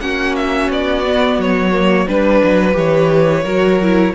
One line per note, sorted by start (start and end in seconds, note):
0.00 0.69 A#3
0.00 1.04 C#4
0.00 2.09 F#4
0.00 0.35 F#5
0.36 0.70 E5
0.70 1.38 B3
0.70 1.41 D5
1.05 1.72 B3
1.38 2.07 F#3
1.38 2.07 C#5
1.72 2.07 A#3
2.07 2.43 G3
2.07 2.72 D4
2.07 2.76 B4
2.07 3.45 B4
2.44 2.75 F#3
2.72 3.44 E3
2.72 3.41 G4
2.72 4.15 C#5
3.45 4.14 F#3
3.45 3.80 F#4
3.45 4.14 A#4
3.82 4.15 E4